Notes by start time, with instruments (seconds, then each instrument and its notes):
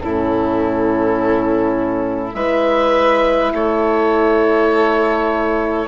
0.00 bassoon A2, horn C#4, violin E4, oboe A4
2.34 bassoon G#3, horn E4, violin B4, oboe E5
3.53 bassoon A3, violin A4, oboe C#5